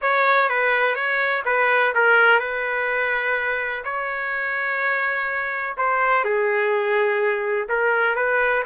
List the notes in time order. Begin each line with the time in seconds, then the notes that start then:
0.01 C#5
0.49 B4
0.95 C#5
1.45 B4
1.94 A#4
2.39 B4
3.84 C#5
5.77 C5
6.24 G#4
7.68 A#4
8.15 B4